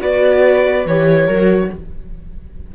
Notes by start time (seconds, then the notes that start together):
0.00 B3 F#4 B4 D5
0.85 E3 G4 C#5
1.25 F#3 A#4
1.32 F#4